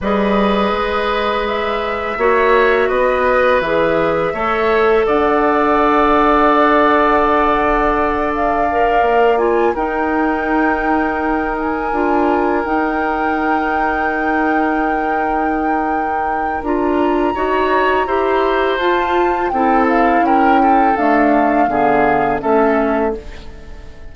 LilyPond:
<<
  \new Staff \with { instrumentName = "flute" } { \time 4/4 \tempo 4 = 83 dis''2 e''2 | dis''4 e''2 fis''4~ | fis''2.~ fis''8 f''8~ | f''4 gis''8 g''2~ g''8 |
gis''4. g''2~ g''8~ | g''2. ais''4~ | ais''2 a''4 g''8 f''8 | g''4 f''2 e''4 | }
  \new Staff \with { instrumentName = "oboe" } { \time 4/4 b'2. cis''4 | b'2 cis''4 d''4~ | d''1~ | d''4. ais'2~ ais'8~ |
ais'1~ | ais'1 | cis''4 c''2 a'4 | ais'8 a'4. gis'4 a'4 | }
  \new Staff \with { instrumentName = "clarinet" } { \time 4/4 gis'2. fis'4~ | fis'4 gis'4 a'2~ | a'1 | ais'4 f'8 dis'2~ dis'8~ |
dis'8 f'4 dis'2~ dis'8~ | dis'2. f'4 | fis'4 g'4 f'4 e'4~ | e'4 a4 b4 cis'4 | }
  \new Staff \with { instrumentName = "bassoon" } { \time 4/4 g4 gis2 ais4 | b4 e4 a4 d'4~ | d'1~ | d'8 ais4 dis'2~ dis'8~ |
dis'8 d'4 dis'2~ dis'8~ | dis'2. d'4 | dis'4 e'4 f'4 c'4 | cis'4 d'4 d4 a4 | }
>>